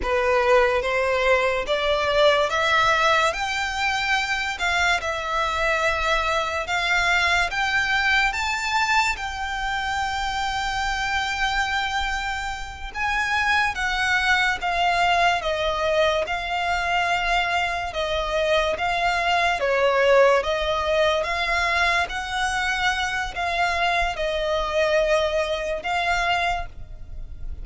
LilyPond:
\new Staff \with { instrumentName = "violin" } { \time 4/4 \tempo 4 = 72 b'4 c''4 d''4 e''4 | g''4. f''8 e''2 | f''4 g''4 a''4 g''4~ | g''2.~ g''8 gis''8~ |
gis''8 fis''4 f''4 dis''4 f''8~ | f''4. dis''4 f''4 cis''8~ | cis''8 dis''4 f''4 fis''4. | f''4 dis''2 f''4 | }